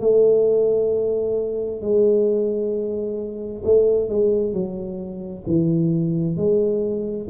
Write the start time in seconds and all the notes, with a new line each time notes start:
0.00 A3
1.81 G#3
3.64 A3
4.09 G#3
4.53 F#3
5.46 E3
6.37 G#3